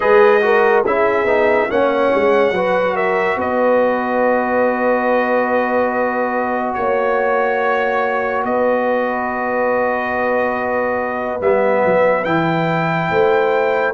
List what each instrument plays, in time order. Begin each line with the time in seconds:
0.00 tuba G#3, trombone G#4, horn B4, trumpet D#5
0.41 trombone F#4, horn A#4
0.84 tuba C#4, trombone E4, horn G#4, trumpet E5
1.24 tuba B3, trombone D#4
1.69 tuba A#3, trombone C#4, horn C#5, trumpet F#5
2.14 tuba G#3
2.51 tuba F#3, trombone F#4, horn B4
2.94 horn A#4, trumpet E5
3.36 tuba B3, horn B4, trumpet D#5
6.74 tuba A#3, trumpet C#5, horn C#5
8.43 tuba B3, horn B4, trumpet D#5
11.40 tuba G3, trombone B3, trumpet E5
11.85 tuba F#3
12.24 tuba E3, trombone E4, trumpet G5
13.10 tuba A3, horn C5